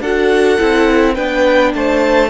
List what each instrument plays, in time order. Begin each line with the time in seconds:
0.00 cello D4, viola F#4, violin A4 F#5
0.58 cello C4, viola E4
1.14 cello B3, viola D4, violin B4 G5
1.74 cello A3, violin C5 A5